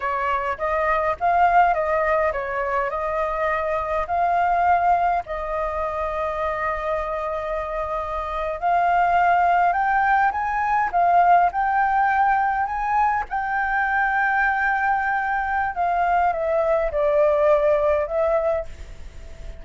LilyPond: \new Staff \with { instrumentName = "flute" } { \time 4/4 \tempo 4 = 103 cis''4 dis''4 f''4 dis''4 | cis''4 dis''2 f''4~ | f''4 dis''2.~ | dis''2~ dis''8. f''4~ f''16~ |
f''8. g''4 gis''4 f''4 g''16~ | g''4.~ g''16 gis''4 g''4~ g''16~ | g''2. f''4 | e''4 d''2 e''4 | }